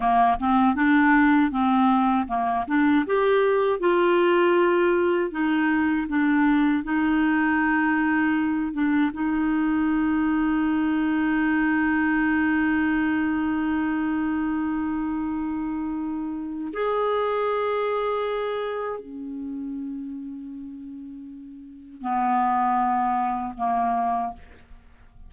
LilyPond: \new Staff \with { instrumentName = "clarinet" } { \time 4/4 \tempo 4 = 79 ais8 c'8 d'4 c'4 ais8 d'8 | g'4 f'2 dis'4 | d'4 dis'2~ dis'8 d'8 | dis'1~ |
dis'1~ | dis'2 gis'2~ | gis'4 cis'2.~ | cis'4 b2 ais4 | }